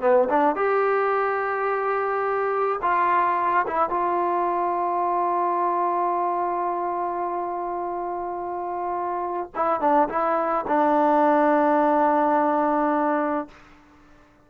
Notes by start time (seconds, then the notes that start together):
0.00 B3
0.29 D4
0.55 G4
2.82 F4
3.67 E4
3.89 F4
9.55 E4
9.80 D4
10.09 E4
10.67 D4